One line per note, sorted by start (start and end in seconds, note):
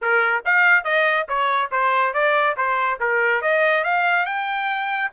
0.01 0.44 A#4
0.45 0.84 F5
0.84 1.26 D#5
1.28 1.71 C#5
1.71 2.13 C5
2.13 2.56 D5
2.56 2.99 C5
3.00 3.41 A#4
3.41 3.84 D#5
3.84 4.25 F5
4.25 5.10 G5